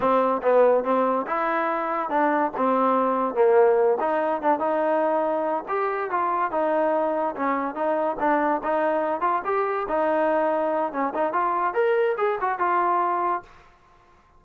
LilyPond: \new Staff \with { instrumentName = "trombone" } { \time 4/4 \tempo 4 = 143 c'4 b4 c'4 e'4~ | e'4 d'4 c'2 | ais4. dis'4 d'8 dis'4~ | dis'4. g'4 f'4 dis'8~ |
dis'4. cis'4 dis'4 d'8~ | d'8 dis'4. f'8 g'4 dis'8~ | dis'2 cis'8 dis'8 f'4 | ais'4 gis'8 fis'8 f'2 | }